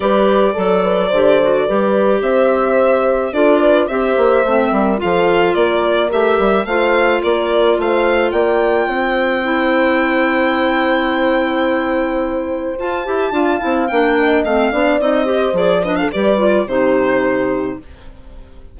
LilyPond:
<<
  \new Staff \with { instrumentName = "violin" } { \time 4/4 \tempo 4 = 108 d''1 | e''2 d''4 e''4~ | e''4 f''4 d''4 e''4 | f''4 d''4 f''4 g''4~ |
g''1~ | g''2. a''4~ | a''4 g''4 f''4 dis''4 | d''8 dis''16 f''16 d''4 c''2 | }
  \new Staff \with { instrumentName = "horn" } { \time 4/4 b'4 a'8 b'8 c''4 b'4 | c''2 a'8 b'8 c''4~ | c''8 ais'8 a'4 ais'2 | c''4 ais'4 c''4 d''4 |
c''1~ | c''1 | f''4. dis''4 d''4 c''8~ | c''8 b'16 a'16 b'4 g'2 | }
  \new Staff \with { instrumentName = "clarinet" } { \time 4/4 g'4 a'4 g'8 fis'8 g'4~ | g'2 f'4 g'4 | c'4 f'2 g'4 | f'1~ |
f'4 e'2.~ | e'2. f'8 g'8 | f'8 e'8 d'4 c'8 d'8 dis'8 g'8 | gis'8 d'8 g'8 f'8 dis'2 | }
  \new Staff \with { instrumentName = "bassoon" } { \time 4/4 g4 fis4 d4 g4 | c'2 d'4 c'8 ais8 | a8 g8 f4 ais4 a8 g8 | a4 ais4 a4 ais4 |
c'1~ | c'2. f'8 e'8 | d'8 c'8 ais4 a8 b8 c'4 | f4 g4 c2 | }
>>